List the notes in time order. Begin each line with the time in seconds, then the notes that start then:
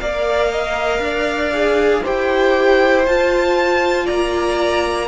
0.00 A#3 A#4 D5 F5
0.51 D#5
0.99 D4 D5
1.53 G#4
2.04 E4 G4 C5 G5
3.06 F4 A5
4.05 A#3 D5 A#5